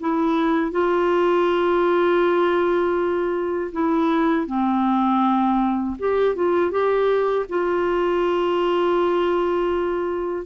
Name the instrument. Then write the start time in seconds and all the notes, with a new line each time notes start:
clarinet
0.00 E4
0.71 F4
3.72 E4
4.47 C4
5.99 G4
6.35 F4
6.71 G4
7.49 F4